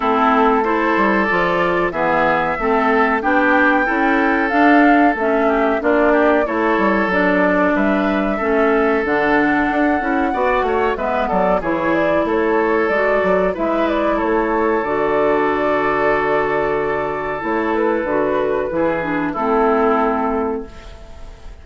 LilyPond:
<<
  \new Staff \with { instrumentName = "flute" } { \time 4/4 \tempo 4 = 93 a'4 c''4 d''4 e''4~ | e''4 g''2 f''4 | e''4 d''4 cis''4 d''4 | e''2 fis''2~ |
fis''4 e''8 d''8 cis''8 d''8 cis''4 | d''4 e''8 d''8 cis''4 d''4~ | d''2. cis''8 b'8~ | b'2 a'2 | }
  \new Staff \with { instrumentName = "oboe" } { \time 4/4 e'4 a'2 gis'4 | a'4 g'4 a'2~ | a'8 g'8 f'8 g'8 a'2 | b'4 a'2. |
d''8 cis''8 b'8 a'8 gis'4 a'4~ | a'4 b'4 a'2~ | a'1~ | a'4 gis'4 e'2 | }
  \new Staff \with { instrumentName = "clarinet" } { \time 4/4 c'4 e'4 f'4 b4 | c'4 d'4 e'4 d'4 | cis'4 d'4 e'4 d'4~ | d'4 cis'4 d'4. e'8 |
fis'4 b4 e'2 | fis'4 e'2 fis'4~ | fis'2. e'4 | fis'4 e'8 d'8 c'2 | }
  \new Staff \with { instrumentName = "bassoon" } { \time 4/4 a4. g8 f4 e4 | a4 b4 cis'4 d'4 | a4 ais4 a8 g8 fis4 | g4 a4 d4 d'8 cis'8 |
b8 a8 gis8 fis8 e4 a4 | gis8 fis8 gis4 a4 d4~ | d2. a4 | d4 e4 a2 | }
>>